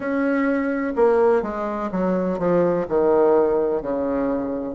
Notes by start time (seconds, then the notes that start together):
0.00 C#4
0.96 A#3
1.42 G#3
1.91 F#3
2.38 F3
2.88 D#3
3.82 C#3